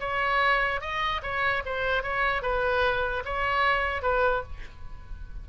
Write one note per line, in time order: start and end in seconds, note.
0.00 0.81 C#5
0.81 1.22 D#5
1.23 1.63 C#5
1.65 2.03 C5
2.03 2.42 C#5
2.42 3.23 B4
3.25 4.02 C#5
4.02 4.43 B4